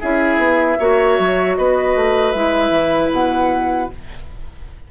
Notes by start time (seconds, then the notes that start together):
0.00 C#4 E4 G#4 E5
0.37 B3
0.79 A#3 F#4 C#5
1.19 F#3
1.56 B3 B4 D#5
1.95 A3
2.32 G#3 E4 E5
2.70 E3
3.12 B2 F#5